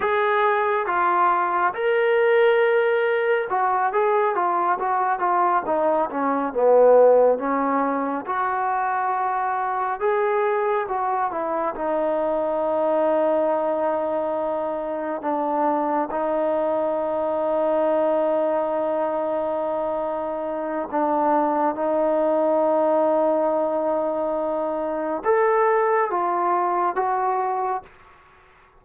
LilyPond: \new Staff \with { instrumentName = "trombone" } { \time 4/4 \tempo 4 = 69 gis'4 f'4 ais'2 | fis'8 gis'8 f'8 fis'8 f'8 dis'8 cis'8 b8~ | b8 cis'4 fis'2 gis'8~ | gis'8 fis'8 e'8 dis'2~ dis'8~ |
dis'4. d'4 dis'4.~ | dis'1 | d'4 dis'2.~ | dis'4 a'4 f'4 fis'4 | }